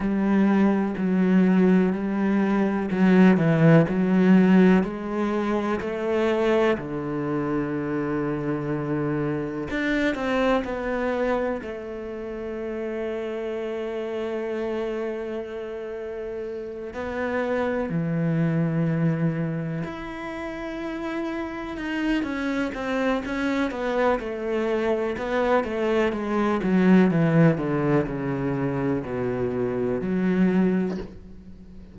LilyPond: \new Staff \with { instrumentName = "cello" } { \time 4/4 \tempo 4 = 62 g4 fis4 g4 fis8 e8 | fis4 gis4 a4 d4~ | d2 d'8 c'8 b4 | a1~ |
a4. b4 e4.~ | e8 e'2 dis'8 cis'8 c'8 | cis'8 b8 a4 b8 a8 gis8 fis8 | e8 d8 cis4 b,4 fis4 | }